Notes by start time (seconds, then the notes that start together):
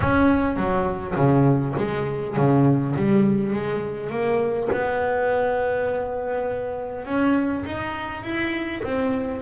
0.00 C#4
0.56 F#3
1.16 C#3
1.77 G#3
2.36 C#3
2.96 G3
3.53 G#3
4.10 A#3
4.72 B3
7.05 C#4
7.65 D#4
8.23 E4
8.83 C4